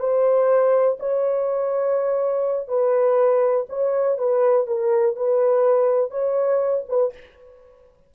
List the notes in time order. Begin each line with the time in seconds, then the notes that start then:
0.00 C5
1.00 C#5
2.68 B4
3.70 C#5
4.18 B4
4.67 A#4
5.16 B4
6.11 C#5
6.89 B4